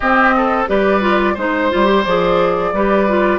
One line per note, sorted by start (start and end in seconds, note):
0.00 0.68 C4
0.00 0.67 C4
0.00 0.34 G4
0.00 0.64 D#5
0.36 0.69 A4
0.67 1.37 G3
0.67 1.01 G4
0.67 1.34 B4
0.67 1.37 D5
1.01 1.35 F4
1.34 1.71 G#3
1.34 1.70 D#4
1.34 2.70 C5
1.34 2.04 C5
1.70 2.06 G3
1.70 1.84 F4
1.84 2.01 G4
2.04 2.73 F3
2.04 2.75 G#4
2.04 3.39 D5
2.73 3.39 G3
2.73 3.08 G4
2.73 3.39 B4
3.08 3.39 F4